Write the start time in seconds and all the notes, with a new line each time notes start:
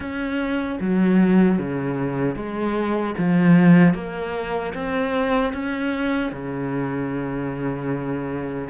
0.00 C#4
0.80 F#3
1.58 C#3
2.35 G#3
3.18 F3
3.94 A#3
4.74 C4
5.53 C#4
6.32 C#3